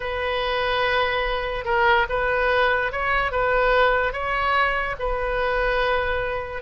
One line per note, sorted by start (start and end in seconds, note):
0.00 1.65 B4
1.65 2.06 A#4
2.09 2.92 B4
2.92 3.31 C#5
3.31 4.13 B4
4.13 4.95 C#5
4.99 6.62 B4